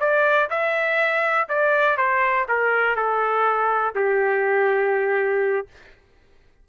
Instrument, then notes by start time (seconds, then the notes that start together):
trumpet
0.00 D5
0.50 E5
1.49 D5
1.97 C5
2.48 A#4
2.96 A4
3.95 G4